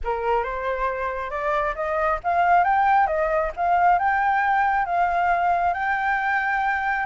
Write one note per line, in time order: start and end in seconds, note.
0.04 0.43 A#4
0.43 1.30 C5
1.30 1.74 D5
1.75 2.19 D#5
2.23 2.64 F5
2.64 3.07 G5
3.07 3.51 D#5
3.56 3.98 F5
3.98 4.85 G5
4.85 5.73 F5
5.73 7.05 G5